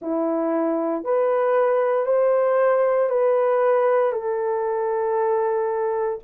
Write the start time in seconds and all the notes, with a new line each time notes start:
0.01 E4
1.03 B4
2.05 C5
3.09 B4
4.12 A4